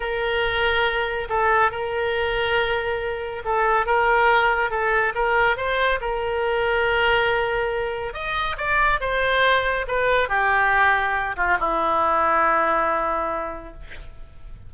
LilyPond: \new Staff \with { instrumentName = "oboe" } { \time 4/4 \tempo 4 = 140 ais'2. a'4 | ais'1 | a'4 ais'2 a'4 | ais'4 c''4 ais'2~ |
ais'2. dis''4 | d''4 c''2 b'4 | g'2~ g'8 f'8 e'4~ | e'1 | }